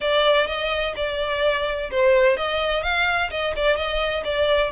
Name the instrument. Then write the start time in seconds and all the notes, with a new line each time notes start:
violin
0.00 D5
0.47 D#5
0.96 D5
1.90 C5
2.36 D#5
2.82 F5
3.30 D#5
3.56 D5
3.76 D#5
4.24 D5